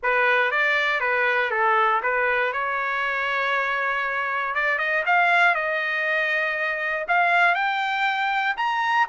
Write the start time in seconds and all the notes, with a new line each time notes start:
0.02 B4
0.51 D5
1.00 B4
1.51 A4
2.02 B4
2.53 C#5
4.54 D5
4.78 D#5
5.06 F5
5.55 D#5
7.08 F5
7.54 G5
8.56 A#5